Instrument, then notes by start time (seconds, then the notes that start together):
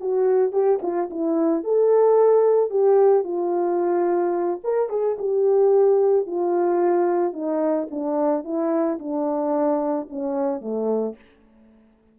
horn
0.00 F#4
0.52 G4
0.82 F4
1.10 E4
1.63 A4
2.70 G4
3.24 F4
4.63 A#4
4.89 G#4
5.18 G4
6.26 F4
7.33 D#4
7.90 D4
8.44 E4
8.99 D4
10.10 C#4
10.61 A3